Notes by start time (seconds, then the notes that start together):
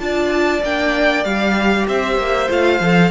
0.00 D4 F4 D5 A5
0.63 A#3 D4 G5
1.25 G3 G4 F5
1.88 C4 C5 E5
2.17 A#3
2.49 A3 F4 F5
2.81 F3 A4